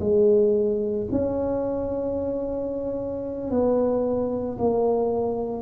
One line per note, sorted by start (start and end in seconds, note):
0.00 1.07 G#3
1.12 3.51 C#4
3.51 4.58 B3
4.58 5.62 A#3